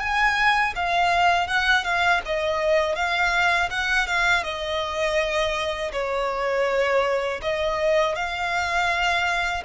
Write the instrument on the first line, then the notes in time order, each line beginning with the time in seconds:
violin
0.00 G#5
0.75 F5
1.47 F#5
1.84 F5
2.25 D#5
2.95 F5
3.70 F#5
4.07 F5
4.43 D#5
5.92 C#5
7.42 D#5
8.15 F5